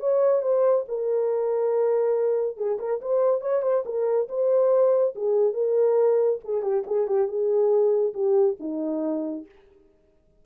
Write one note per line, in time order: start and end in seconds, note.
0.00 0.42 C#5
0.42 0.85 C5
0.88 2.57 A#4
2.57 2.78 G#4
2.79 3.01 A#4
3.01 3.41 C5
3.41 3.62 C#5
3.62 3.84 C5
3.85 4.28 A#4
4.29 5.14 C5
5.15 5.54 G#4
5.54 6.39 A#4
6.44 6.62 G#4
6.62 6.84 G4
6.87 7.08 G#4
7.08 7.28 G4
7.28 8.14 G#4
8.14 8.57 G4
8.60 9.46 D#4